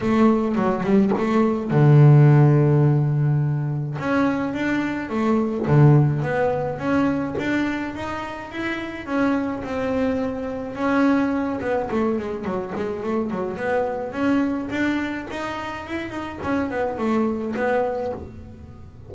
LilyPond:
\new Staff \with { instrumentName = "double bass" } { \time 4/4 \tempo 4 = 106 a4 fis8 g8 a4 d4~ | d2. cis'4 | d'4 a4 d4 b4 | cis'4 d'4 dis'4 e'4 |
cis'4 c'2 cis'4~ | cis'8 b8 a8 gis8 fis8 gis8 a8 fis8 | b4 cis'4 d'4 dis'4 | e'8 dis'8 cis'8 b8 a4 b4 | }